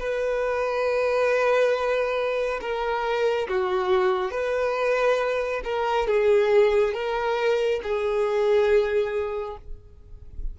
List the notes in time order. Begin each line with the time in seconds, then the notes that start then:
0.00 B4
2.61 A#4
3.49 F#4
4.32 B4
5.65 A#4
6.08 G#4
6.94 A#4
7.84 G#4